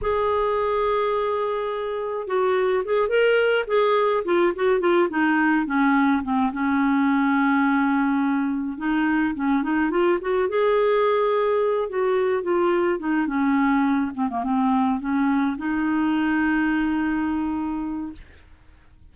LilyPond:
\new Staff \with { instrumentName = "clarinet" } { \time 4/4 \tempo 4 = 106 gis'1 | fis'4 gis'8 ais'4 gis'4 f'8 | fis'8 f'8 dis'4 cis'4 c'8 cis'8~ | cis'2.~ cis'8 dis'8~ |
dis'8 cis'8 dis'8 f'8 fis'8 gis'4.~ | gis'4 fis'4 f'4 dis'8 cis'8~ | cis'4 c'16 ais16 c'4 cis'4 dis'8~ | dis'1 | }